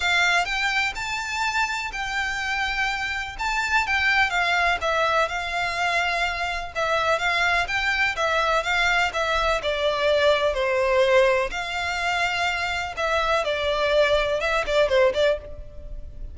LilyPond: \new Staff \with { instrumentName = "violin" } { \time 4/4 \tempo 4 = 125 f''4 g''4 a''2 | g''2. a''4 | g''4 f''4 e''4 f''4~ | f''2 e''4 f''4 |
g''4 e''4 f''4 e''4 | d''2 c''2 | f''2. e''4 | d''2 e''8 d''8 c''8 d''8 | }